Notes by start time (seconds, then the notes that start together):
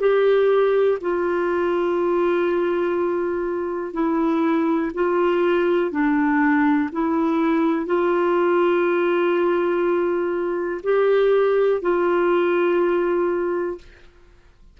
0.00 G4
1.01 F4
3.93 E4
4.94 F4
5.91 D4
6.92 E4
7.86 F4
10.83 G4
11.81 F4